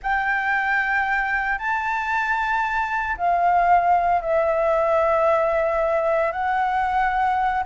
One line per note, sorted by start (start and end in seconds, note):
0.03 1.58 G5
1.58 3.16 A5
3.17 4.21 F5
4.21 6.32 E5
6.32 7.63 F#5